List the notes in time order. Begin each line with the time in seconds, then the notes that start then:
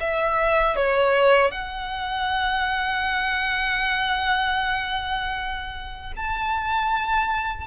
0.00 E5
0.76 C#5
1.51 F#5
6.16 A5